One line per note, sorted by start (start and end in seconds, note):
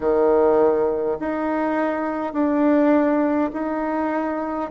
0.00 1.18 D#3
1.19 2.33 D#4
2.33 3.50 D4
3.52 4.70 D#4